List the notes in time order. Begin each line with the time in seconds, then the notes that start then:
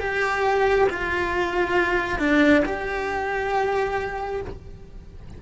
0.00 G4
0.90 F4
2.19 D4
2.65 G4